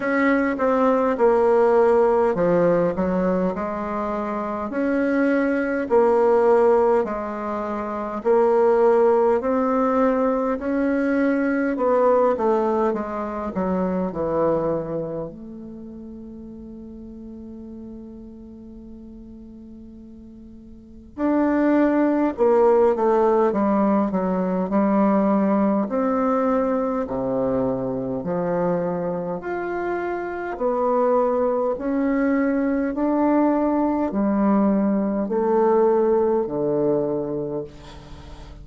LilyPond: \new Staff \with { instrumentName = "bassoon" } { \time 4/4 \tempo 4 = 51 cis'8 c'8 ais4 f8 fis8 gis4 | cis'4 ais4 gis4 ais4 | c'4 cis'4 b8 a8 gis8 fis8 | e4 a2.~ |
a2 d'4 ais8 a8 | g8 fis8 g4 c'4 c4 | f4 f'4 b4 cis'4 | d'4 g4 a4 d4 | }